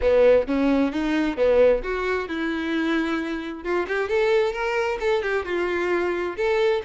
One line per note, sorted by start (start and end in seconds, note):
0.01 0.46 B3
0.47 0.92 C#4
0.92 1.36 D#4
1.36 1.82 B3
1.83 2.28 F#4
2.28 3.63 E4
3.63 3.86 F4
3.88 4.08 G4
4.08 4.52 A4
4.52 4.98 A#4
5.00 5.22 A4
5.22 5.45 G4
5.45 6.36 F4
6.36 6.82 A4